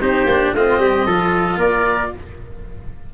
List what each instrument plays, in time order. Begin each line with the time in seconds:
0.00 tuba C4, cello D#4, trumpet G4, oboe C5
0.25 tuba A#3, cello D4
0.54 tuba A3, cello C4, trumpet F4, oboe D#5
0.79 tuba G3, trumpet G4
1.06 tuba F3, cello F4, trumpet A4
1.57 tuba A#3, trumpet A#4, oboe D5